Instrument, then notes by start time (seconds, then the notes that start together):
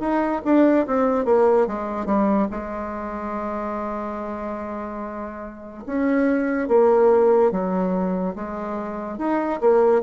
bassoon
0.00 D#4
0.45 D4
0.87 C4
1.26 A#3
1.67 G#3
2.06 G3
2.52 G#3
5.87 C#4
6.69 A#3
7.52 F#3
8.36 G#3
9.19 D#4
9.61 A#3